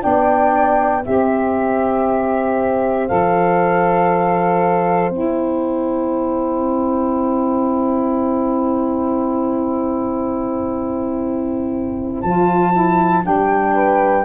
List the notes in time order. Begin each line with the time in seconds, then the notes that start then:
0.00 B3 D4 D5 G5
1.05 C4 G4 C5 E5
3.08 F3 A4 F5
5.10 C4 E4 G5
12.22 F3 F4 A5
12.73 E4
13.22 G3 D4 G5
13.74 B4